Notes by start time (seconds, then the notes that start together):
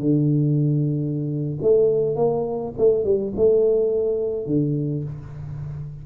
0.00 D3
1.62 A3
2.16 A#3
2.78 A3
3.05 G3
3.37 A3
4.47 D3